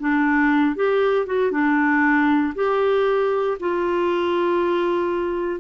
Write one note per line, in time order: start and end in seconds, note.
0.00 0.76 D4
0.76 1.27 G4
1.27 1.52 F#4
1.52 2.54 D4
2.55 3.58 G4
3.60 5.61 F4